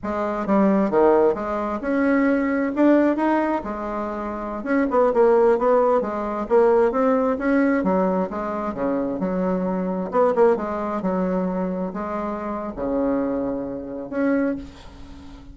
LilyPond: \new Staff \with { instrumentName = "bassoon" } { \time 4/4 \tempo 4 = 132 gis4 g4 dis4 gis4 | cis'2 d'4 dis'4 | gis2~ gis16 cis'8 b8 ais8.~ | ais16 b4 gis4 ais4 c'8.~ |
c'16 cis'4 fis4 gis4 cis8.~ | cis16 fis2 b8 ais8 gis8.~ | gis16 fis2 gis4.~ gis16 | cis2. cis'4 | }